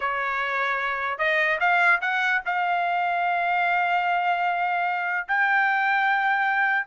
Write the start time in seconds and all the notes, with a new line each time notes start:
0.00 C#5
1.18 D#5
1.60 F5
2.01 F#5
2.45 F5
5.28 G5